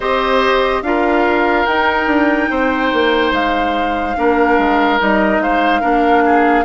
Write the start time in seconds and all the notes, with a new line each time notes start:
0.00 C4 G4 C5 D#5
0.82 D4 F4 A#4 F5
1.65 D#4 G5
2.06 D4
2.50 C4 C5
2.92 A#3
3.31 G#3 F5
4.16 A#3 D4 A#4
4.57 G#3
4.99 G3 D#4 D#5
5.39 G#3 C5 F5
5.81 A#3 D4 A#4
6.25 G#4